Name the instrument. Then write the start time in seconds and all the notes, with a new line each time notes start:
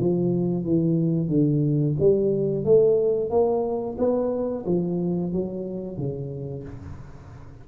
tuba
0.00 F3
0.65 E3
1.28 D3
2.00 G3
2.65 A3
3.31 A#3
3.99 B3
4.66 F3
5.33 F#3
5.98 C#3